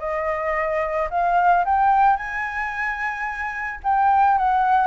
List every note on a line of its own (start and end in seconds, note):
0.00 1.09 D#5
1.11 1.65 F5
1.65 2.17 G5
2.17 3.81 G#5
3.84 4.38 G5
4.38 4.88 F#5